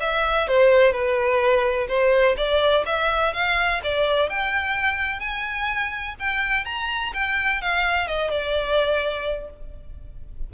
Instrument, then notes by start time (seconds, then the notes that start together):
violin
0.00 E5
0.48 C5
0.92 B4
1.88 C5
2.37 D5
2.85 E5
3.33 F5
3.83 D5
4.29 G5
5.20 G#5
6.19 G5
6.65 A#5
7.14 G5
7.61 F5
8.07 D#5
8.31 D5